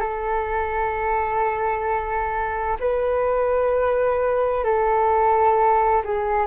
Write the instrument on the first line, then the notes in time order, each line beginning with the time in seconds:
flute
0.00 A4
2.79 B4
4.64 A4
6.04 G#4